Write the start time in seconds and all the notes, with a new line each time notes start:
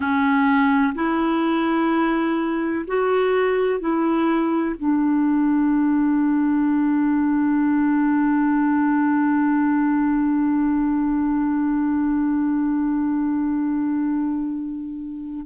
0.00 C#4
0.94 E4
2.87 F#4
3.80 E4
4.79 D4